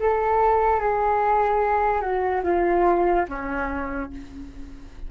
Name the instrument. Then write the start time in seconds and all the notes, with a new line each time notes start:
flute
0.00 A4
0.80 G#4
2.01 F#4
2.44 F4
3.29 C#4